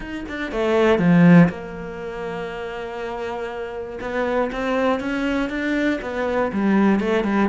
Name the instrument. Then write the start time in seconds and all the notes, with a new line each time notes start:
cello
0.00 D#4
0.28 D4
0.51 A3
0.98 F3
1.49 A#3
4.00 B3
4.51 C4
5.00 C#4
5.49 D4
6.01 B3
6.52 G3
7.00 A3
7.24 G3